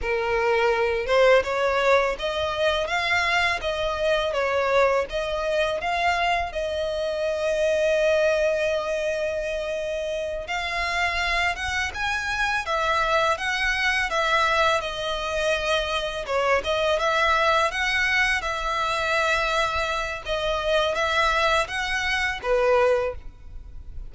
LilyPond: \new Staff \with { instrumentName = "violin" } { \time 4/4 \tempo 4 = 83 ais'4. c''8 cis''4 dis''4 | f''4 dis''4 cis''4 dis''4 | f''4 dis''2.~ | dis''2~ dis''8 f''4. |
fis''8 gis''4 e''4 fis''4 e''8~ | e''8 dis''2 cis''8 dis''8 e''8~ | e''8 fis''4 e''2~ e''8 | dis''4 e''4 fis''4 b'4 | }